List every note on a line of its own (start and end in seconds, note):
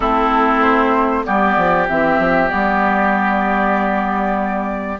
0.00 1.25 A3
0.00 1.24 C4
0.00 1.22 E4
0.00 0.61 A4
0.61 1.24 C5
1.24 1.57 G3
1.24 1.87 B3
1.24 4.99 G4
1.24 1.87 D5
1.57 1.88 F3
1.88 2.18 E3
1.88 2.48 C4
1.88 2.49 E5
2.18 2.50 F3
2.48 4.99 G3
2.48 4.98 B3
2.48 4.99 D5